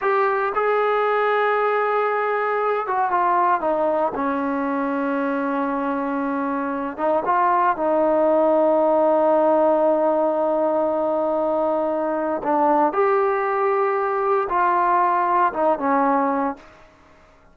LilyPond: \new Staff \with { instrumentName = "trombone" } { \time 4/4 \tempo 4 = 116 g'4 gis'2.~ | gis'4. fis'8 f'4 dis'4 | cis'1~ | cis'4. dis'8 f'4 dis'4~ |
dis'1~ | dis'1 | d'4 g'2. | f'2 dis'8 cis'4. | }